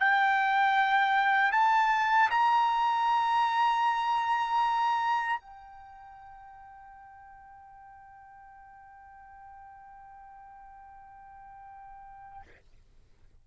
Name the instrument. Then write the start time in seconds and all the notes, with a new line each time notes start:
trumpet
0.00 G5
1.52 A5
2.30 A#5
5.40 G5